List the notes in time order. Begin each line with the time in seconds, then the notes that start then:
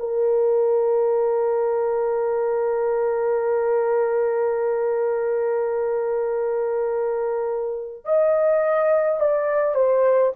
0.00 A#4
8.06 D#5
9.20 D5
9.75 C5